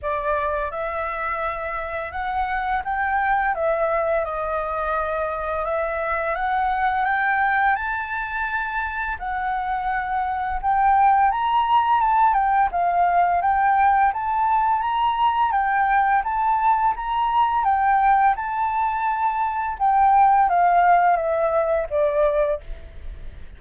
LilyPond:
\new Staff \with { instrumentName = "flute" } { \time 4/4 \tempo 4 = 85 d''4 e''2 fis''4 | g''4 e''4 dis''2 | e''4 fis''4 g''4 a''4~ | a''4 fis''2 g''4 |
ais''4 a''8 g''8 f''4 g''4 | a''4 ais''4 g''4 a''4 | ais''4 g''4 a''2 | g''4 f''4 e''4 d''4 | }